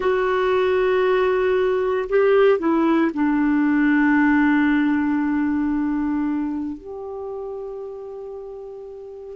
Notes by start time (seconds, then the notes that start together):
0.00 F#4
2.09 G4
2.58 E4
3.13 D4
6.77 G4